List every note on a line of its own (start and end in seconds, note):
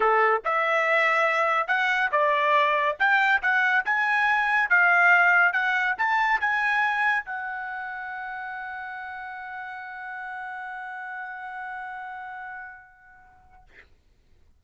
0.00 0.42 A4
0.44 1.67 E5
1.67 2.10 F#5
2.11 2.96 D5
2.99 3.41 G5
3.42 3.84 F#5
3.85 4.69 G#5
4.69 5.52 F5
5.52 5.95 F#5
5.97 6.40 A5
6.40 7.25 G#5
7.25 13.63 F#5